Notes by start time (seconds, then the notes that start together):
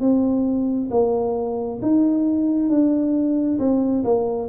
0.00 C4
0.91 A#3
1.82 D#4
2.69 D4
3.59 C4
4.04 A#3